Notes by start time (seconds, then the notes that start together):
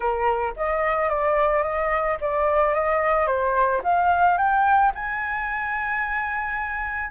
0.00 A#4
0.56 D#5
1.09 D5
1.63 D#5
2.20 D5
2.73 D#5
3.26 C5
3.83 F5
4.37 G5
4.94 G#5